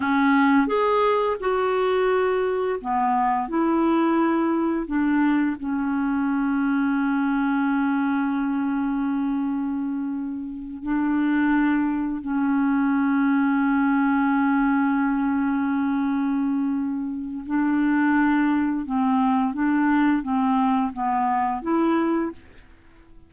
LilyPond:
\new Staff \with { instrumentName = "clarinet" } { \time 4/4 \tempo 4 = 86 cis'4 gis'4 fis'2 | b4 e'2 d'4 | cis'1~ | cis'2.~ cis'8 d'8~ |
d'4. cis'2~ cis'8~ | cis'1~ | cis'4 d'2 c'4 | d'4 c'4 b4 e'4 | }